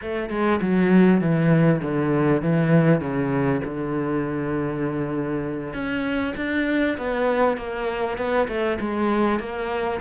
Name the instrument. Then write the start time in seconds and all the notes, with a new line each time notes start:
cello
0.01 A3
0.29 G#3
0.61 F#3
1.20 E3
1.82 D3
2.42 E3
3.00 C#3
3.64 D3
5.73 C#4
6.36 D4
6.97 B3
7.57 A#3
8.17 B3
8.48 A3
8.80 G#3
9.39 A#3